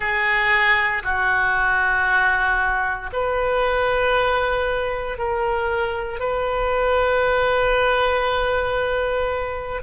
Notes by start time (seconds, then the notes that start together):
0.00 G#4
1.03 F#4
3.12 B4
5.17 A#4
6.19 B4